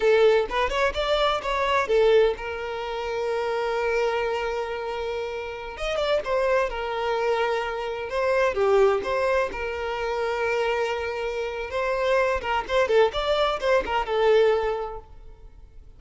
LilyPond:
\new Staff \with { instrumentName = "violin" } { \time 4/4 \tempo 4 = 128 a'4 b'8 cis''8 d''4 cis''4 | a'4 ais'2.~ | ais'1~ | ais'16 dis''8 d''8 c''4 ais'4.~ ais'16~ |
ais'4~ ais'16 c''4 g'4 c''8.~ | c''16 ais'2.~ ais'8.~ | ais'4 c''4. ais'8 c''8 a'8 | d''4 c''8 ais'8 a'2 | }